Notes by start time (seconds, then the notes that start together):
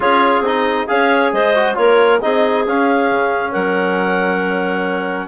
0.00 C#4 F4 G#4 C#5
0.40 C4 D#4 D#5
0.87 C#4 G#4 C#5 F5
1.32 G#3 C5 D#5
1.55 F#4
1.74 A#3 F4 A#4 C#5
2.21 C4 D#4 G#4 D#5
2.67 C#4 F5
3.10 C#3
3.51 F#3 A#4 F#5